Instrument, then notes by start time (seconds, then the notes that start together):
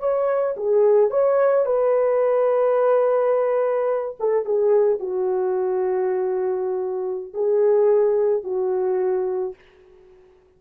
horn
0.00 C#5
0.57 G#4
1.11 C#5
1.66 B4
4.20 A4
4.46 G#4
5.00 F#4
7.34 G#4
8.44 F#4